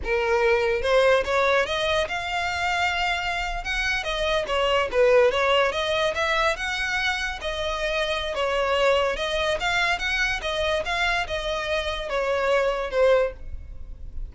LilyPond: \new Staff \with { instrumentName = "violin" } { \time 4/4 \tempo 4 = 144 ais'2 c''4 cis''4 | dis''4 f''2.~ | f''8. fis''4 dis''4 cis''4 b'16~ | b'8. cis''4 dis''4 e''4 fis''16~ |
fis''4.~ fis''16 dis''2~ dis''16 | cis''2 dis''4 f''4 | fis''4 dis''4 f''4 dis''4~ | dis''4 cis''2 c''4 | }